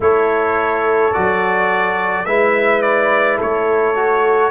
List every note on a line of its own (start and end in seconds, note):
0.00 1.12 A3
0.00 1.12 E4
0.00 2.26 A4
0.00 1.13 C#5
1.12 2.25 F#3
1.12 2.26 F#4
1.12 2.25 D5
2.25 3.38 G#3
2.25 3.95 E4
2.25 3.38 B4
2.25 2.81 E5
2.81 3.38 D5
3.38 4.51 A3
3.38 4.51 A4
3.38 4.51 C#5
3.95 4.51 F#4